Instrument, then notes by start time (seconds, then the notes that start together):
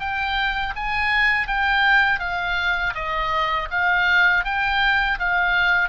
oboe
0.00 G5
0.76 G#5
1.48 G5
2.20 F5
2.95 D#5
3.71 F5
4.45 G5
5.19 F5